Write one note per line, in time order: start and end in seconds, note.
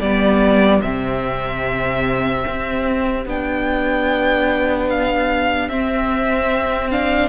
0.00 0.81 G3
0.00 0.84 B3
0.00 7.29 G4
0.00 0.82 D5
0.82 2.45 C3
0.82 3.28 C4
0.82 3.25 E5
2.47 3.26 C4
3.26 5.69 B3
3.26 5.71 D4
3.26 4.90 G5
4.90 5.69 F5
5.69 7.29 C4
5.69 6.92 C4
5.69 6.91 E5
6.91 7.29 D4
6.91 7.29 F5